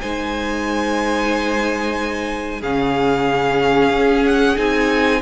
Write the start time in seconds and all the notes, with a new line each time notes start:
0.00 G#3 D#4 C5 G#5
2.60 C#3 C#4 G#4 F5
3.89 C#4
4.25 F#5
4.56 C4 D#4 G#5